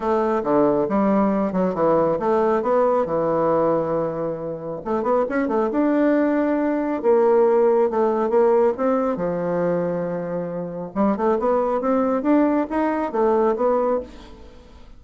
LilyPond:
\new Staff \with { instrumentName = "bassoon" } { \time 4/4 \tempo 4 = 137 a4 d4 g4. fis8 | e4 a4 b4 e4~ | e2. a8 b8 | cis'8 a8 d'2. |
ais2 a4 ais4 | c'4 f2.~ | f4 g8 a8 b4 c'4 | d'4 dis'4 a4 b4 | }